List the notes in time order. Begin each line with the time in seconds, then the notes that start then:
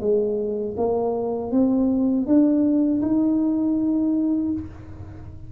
0.00 G#3
0.77 A#3
1.51 C4
2.26 D4
3.02 D#4